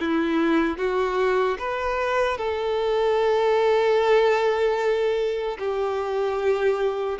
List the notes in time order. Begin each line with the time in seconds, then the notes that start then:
0.00 E4
0.78 F#4
1.59 B4
2.38 A4
5.59 G4